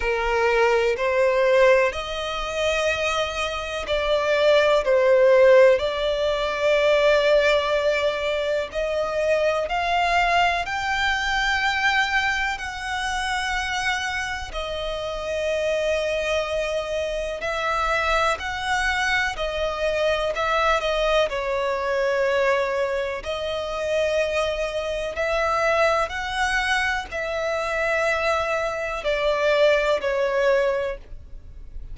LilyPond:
\new Staff \with { instrumentName = "violin" } { \time 4/4 \tempo 4 = 62 ais'4 c''4 dis''2 | d''4 c''4 d''2~ | d''4 dis''4 f''4 g''4~ | g''4 fis''2 dis''4~ |
dis''2 e''4 fis''4 | dis''4 e''8 dis''8 cis''2 | dis''2 e''4 fis''4 | e''2 d''4 cis''4 | }